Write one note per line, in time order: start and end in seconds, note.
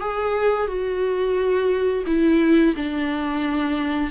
0.00 0.67 G#4
0.67 2.04 F#4
2.06 2.74 E4
2.76 4.11 D4